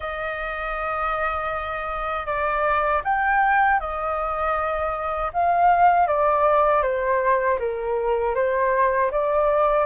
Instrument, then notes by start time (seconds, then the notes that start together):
flute
0.00 D#5
2.26 D5
3.03 G5
3.79 D#5
5.33 F5
6.07 D5
6.82 C5
7.59 A#4
8.34 C5
9.11 D5